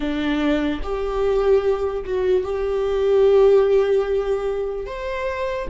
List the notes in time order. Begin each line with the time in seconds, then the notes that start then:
0.00 D4
0.83 G4
2.04 F#4
2.44 G4
4.86 C5